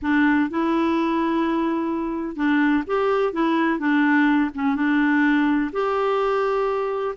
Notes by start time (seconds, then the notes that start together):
0.02 D4
0.49 E4
2.35 D4
2.87 G4
3.32 E4
3.79 D4
4.54 C#4
4.75 D4
5.72 G4